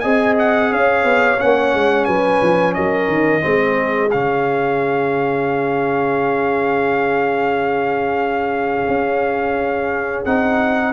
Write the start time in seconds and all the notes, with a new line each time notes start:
0.00 C4 G#4 D#5 G#5
0.39 F#5
0.71 C#4 C#5 F5
1.04 B3
1.38 A#3 C#4 F#5
1.75 G#3
2.05 F#3 B4 G#5
2.42 F3
2.74 F#3 A#4 D#5
3.08 D#3
3.41 G#3 C4 G#4
4.11 C#3 C#4 F5
8.88 C#4
10.25 C4 D#4 F#5